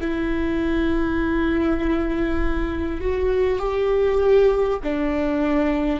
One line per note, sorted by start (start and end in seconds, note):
0.00 3.00 E4
3.00 3.58 F#4
3.58 4.78 G4
4.83 5.99 D4